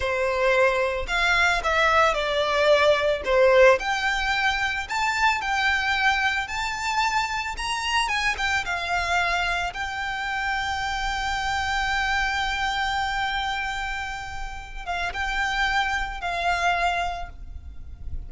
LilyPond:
\new Staff \with { instrumentName = "violin" } { \time 4/4 \tempo 4 = 111 c''2 f''4 e''4 | d''2 c''4 g''4~ | g''4 a''4 g''2 | a''2 ais''4 gis''8 g''8 |
f''2 g''2~ | g''1~ | g''2.~ g''8 f''8 | g''2 f''2 | }